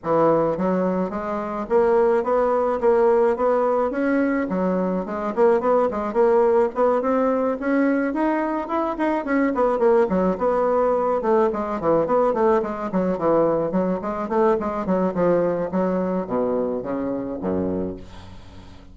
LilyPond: \new Staff \with { instrumentName = "bassoon" } { \time 4/4 \tempo 4 = 107 e4 fis4 gis4 ais4 | b4 ais4 b4 cis'4 | fis4 gis8 ais8 b8 gis8 ais4 | b8 c'4 cis'4 dis'4 e'8 |
dis'8 cis'8 b8 ais8 fis8 b4. | a8 gis8 e8 b8 a8 gis8 fis8 e8~ | e8 fis8 gis8 a8 gis8 fis8 f4 | fis4 b,4 cis4 fis,4 | }